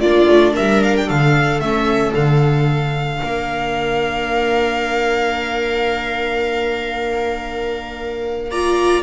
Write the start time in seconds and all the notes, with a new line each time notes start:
0.00 A#3 D4 F4 D5
0.29 A3
0.54 G3 A#4 E5
0.83 F5
0.96 G5
1.06 D3 A4 F5
1.60 A3 C#4 E5
2.14 D3 D4 F5
3.22 A#3 A#4
8.51 F4 D5 A#5